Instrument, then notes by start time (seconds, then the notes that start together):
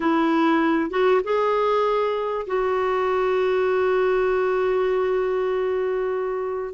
clarinet
0.00 E4
0.90 F#4
1.24 G#4
2.47 F#4